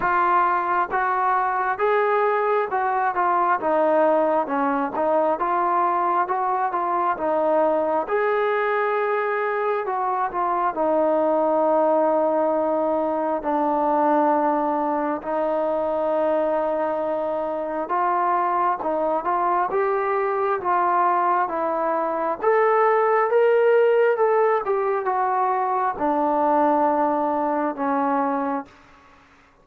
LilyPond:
\new Staff \with { instrumentName = "trombone" } { \time 4/4 \tempo 4 = 67 f'4 fis'4 gis'4 fis'8 f'8 | dis'4 cis'8 dis'8 f'4 fis'8 f'8 | dis'4 gis'2 fis'8 f'8 | dis'2. d'4~ |
d'4 dis'2. | f'4 dis'8 f'8 g'4 f'4 | e'4 a'4 ais'4 a'8 g'8 | fis'4 d'2 cis'4 | }